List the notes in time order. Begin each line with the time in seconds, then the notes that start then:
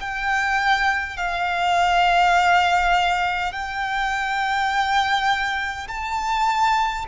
0.00 G5
1.17 F5
3.52 G5
5.88 A5